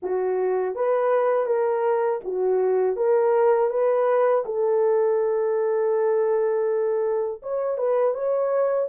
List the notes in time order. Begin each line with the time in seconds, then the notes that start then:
0.02 F#4
0.75 B4
1.46 A#4
2.24 F#4
2.96 A#4
3.70 B4
4.45 A4
7.42 C#5
7.77 B4
8.14 C#5